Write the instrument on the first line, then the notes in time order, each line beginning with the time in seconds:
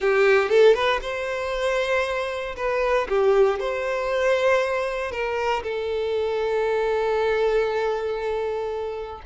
violin
0.00 G4
0.49 A4
0.74 B4
1.01 C5
2.56 B4
3.08 G4
3.59 C5
5.11 A#4
5.63 A4